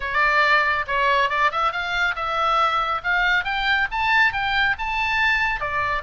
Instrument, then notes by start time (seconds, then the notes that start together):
oboe
0.00 D5
0.87 C#5
1.29 D5
1.51 E5
1.71 F5
2.15 E5
3.03 F5
3.44 G5
3.91 A5
4.32 G5
4.78 A5
5.60 D5